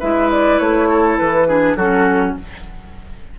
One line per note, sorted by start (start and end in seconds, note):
0.00 0.60 G#3
0.00 1.48 E4
0.00 0.88 B4
0.00 0.31 E5
0.31 0.59 D5
0.59 1.19 A3
0.59 1.18 C#5
0.90 1.48 A4
1.18 1.76 E3
1.18 1.76 B4
1.48 1.77 D4
1.48 1.77 G#4
1.76 2.35 F#3
1.76 2.39 C#4
1.76 2.36 F#4
1.76 2.35 A4